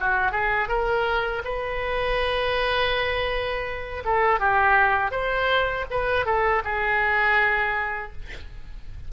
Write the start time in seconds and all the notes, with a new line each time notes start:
0.00 F#4
0.32 G#4
0.68 A#4
1.44 B4
4.05 A4
4.40 G4
5.11 C5
5.91 B4
6.26 A4
6.64 G#4